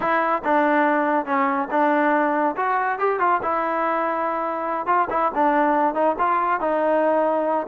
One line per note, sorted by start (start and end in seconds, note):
0.00 0.42 E4
0.44 1.25 D4
1.25 1.68 C#4
1.70 2.55 D4
2.56 2.98 F#4
2.98 3.19 G4
3.19 3.40 F4
3.42 4.86 E4
4.86 5.08 F4
5.10 5.31 E4
5.34 5.94 D4
5.94 6.15 D#4
6.18 6.60 F4
6.60 7.67 D#4